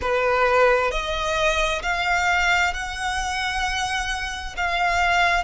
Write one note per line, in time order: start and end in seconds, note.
0.01 0.91 B4
0.91 1.82 D#5
1.82 2.73 F5
2.73 4.55 F#5
4.57 5.43 F5